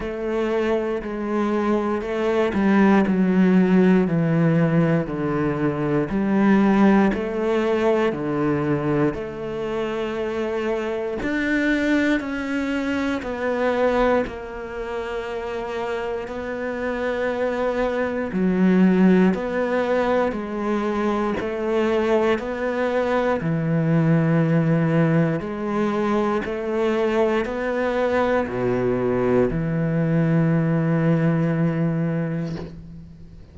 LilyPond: \new Staff \with { instrumentName = "cello" } { \time 4/4 \tempo 4 = 59 a4 gis4 a8 g8 fis4 | e4 d4 g4 a4 | d4 a2 d'4 | cis'4 b4 ais2 |
b2 fis4 b4 | gis4 a4 b4 e4~ | e4 gis4 a4 b4 | b,4 e2. | }